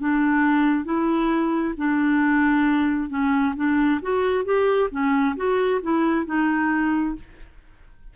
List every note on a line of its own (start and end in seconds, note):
0.00 0.85 D4
0.85 1.75 E4
1.77 3.10 D4
3.10 3.55 C#4
3.56 4.01 D4
4.02 4.45 F#4
4.45 4.90 G4
4.91 5.36 C#4
5.36 5.81 F#4
5.82 6.26 E4
6.26 7.16 D#4